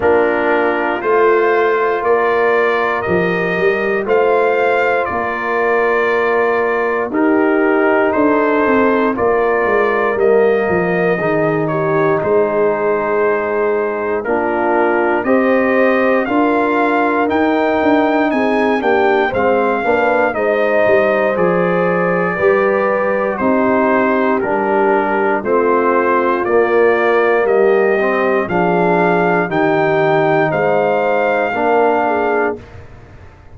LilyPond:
<<
  \new Staff \with { instrumentName = "trumpet" } { \time 4/4 \tempo 4 = 59 ais'4 c''4 d''4 dis''4 | f''4 d''2 ais'4 | c''4 d''4 dis''4. cis''8 | c''2 ais'4 dis''4 |
f''4 g''4 gis''8 g''8 f''4 | dis''4 d''2 c''4 | ais'4 c''4 d''4 dis''4 | f''4 g''4 f''2 | }
  \new Staff \with { instrumentName = "horn" } { \time 4/4 f'2 ais'2 | c''4 ais'2 g'4 | a'4 ais'2 gis'8 g'8 | gis'2 f'4 c''4 |
ais'2 gis'8 g'8 c''8 b'8 | c''2 b'4 g'4~ | g'4 f'2 g'4 | gis'4 g'4 c''4 ais'8 gis'8 | }
  \new Staff \with { instrumentName = "trombone" } { \time 4/4 d'4 f'2 g'4 | f'2. dis'4~ | dis'4 f'4 ais4 dis'4~ | dis'2 d'4 g'4 |
f'4 dis'4. d'8 c'8 d'8 | dis'4 gis'4 g'4 dis'4 | d'4 c'4 ais4. c'8 | d'4 dis'2 d'4 | }
  \new Staff \with { instrumentName = "tuba" } { \time 4/4 ais4 a4 ais4 f8 g8 | a4 ais2 dis'4 | d'8 c'8 ais8 gis8 g8 f8 dis4 | gis2 ais4 c'4 |
d'4 dis'8 d'8 c'8 ais8 gis8 ais8 | gis8 g8 f4 g4 c'4 | g4 a4 ais4 g4 | f4 dis4 gis4 ais4 | }
>>